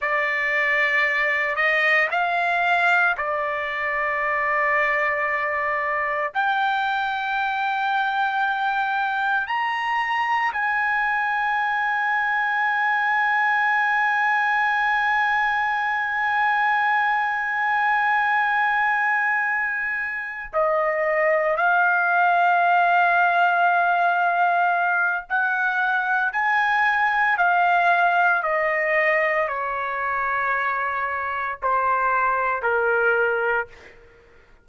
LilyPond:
\new Staff \with { instrumentName = "trumpet" } { \time 4/4 \tempo 4 = 57 d''4. dis''8 f''4 d''4~ | d''2 g''2~ | g''4 ais''4 gis''2~ | gis''1~ |
gis''2.~ gis''8 dis''8~ | dis''8 f''2.~ f''8 | fis''4 gis''4 f''4 dis''4 | cis''2 c''4 ais'4 | }